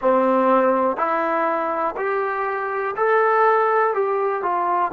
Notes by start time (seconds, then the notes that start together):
0.01 C4
0.97 E4
1.96 G4
2.96 A4
3.93 G4
4.42 F4